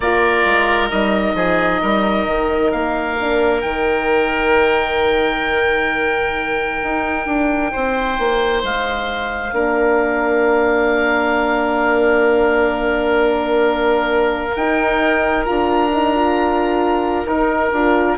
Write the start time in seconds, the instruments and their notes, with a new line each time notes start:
0.00 bassoon A#3, horn F4, oboe A#4 D5
0.45 bassoon G#3
0.90 bassoon G3, horn D#4, oboe D#5
1.34 bassoon F3, oboe G#4
1.82 bassoon G3, oboe A#4
2.26 bassoon D#3
2.71 bassoon A#3, oboe F5
3.19 horn D4
3.61 bassoon D#3, horn D#4, oboe G5
6.83 bassoon D#4
7.26 bassoon D4
7.72 bassoon C4, oboe C5
8.18 bassoon A#3
8.63 bassoon G#3, oboe F5
9.52 bassoon A#3, horn D4, oboe A#4
14.55 bassoon D#4, horn D#4, oboe G5
15.45 bassoon D4, horn F4, oboe A#5
15.92 horn D#4
16.14 horn F4
17.25 bassoon D#4, horn D#4, oboe A#4
17.72 bassoon D4, horn F4